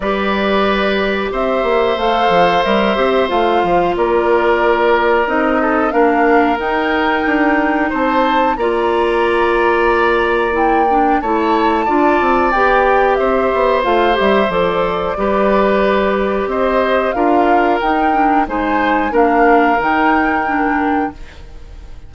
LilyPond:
<<
  \new Staff \with { instrumentName = "flute" } { \time 4/4 \tempo 4 = 91 d''2 e''4 f''4 | e''4 f''4 d''2 | dis''4 f''4 g''2 | a''4 ais''2. |
g''4 a''2 g''4 | e''4 f''8 e''8 d''2~ | d''4 dis''4 f''4 g''4 | gis''4 f''4 g''2 | }
  \new Staff \with { instrumentName = "oboe" } { \time 4/4 b'2 c''2~ | c''2 ais'2~ | ais'8 a'8 ais'2. | c''4 d''2.~ |
d''4 cis''4 d''2 | c''2. b'4~ | b'4 c''4 ais'2 | c''4 ais'2. | }
  \new Staff \with { instrumentName = "clarinet" } { \time 4/4 g'2. a'4 | ais'8 g'8 f'2. | dis'4 d'4 dis'2~ | dis'4 f'2. |
e'8 d'8 e'4 f'4 g'4~ | g'4 f'8 g'8 a'4 g'4~ | g'2 f'4 dis'8 d'8 | dis'4 d'4 dis'4 d'4 | }
  \new Staff \with { instrumentName = "bassoon" } { \time 4/4 g2 c'8 ais8 a8 f8 | g8 c'8 a8 f8 ais2 | c'4 ais4 dis'4 d'4 | c'4 ais2.~ |
ais4 a4 d'8 c'8 b4 | c'8 b8 a8 g8 f4 g4~ | g4 c'4 d'4 dis'4 | gis4 ais4 dis2 | }
>>